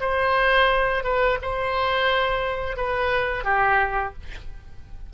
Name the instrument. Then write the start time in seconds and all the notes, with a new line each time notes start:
oboe
0.00 C5
1.04 B4
1.42 C5
2.76 B4
3.44 G4